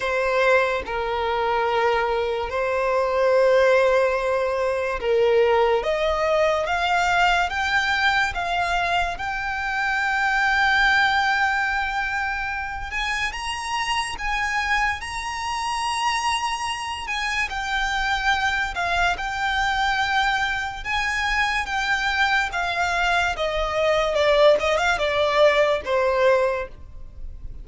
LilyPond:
\new Staff \with { instrumentName = "violin" } { \time 4/4 \tempo 4 = 72 c''4 ais'2 c''4~ | c''2 ais'4 dis''4 | f''4 g''4 f''4 g''4~ | g''2.~ g''8 gis''8 |
ais''4 gis''4 ais''2~ | ais''8 gis''8 g''4. f''8 g''4~ | g''4 gis''4 g''4 f''4 | dis''4 d''8 dis''16 f''16 d''4 c''4 | }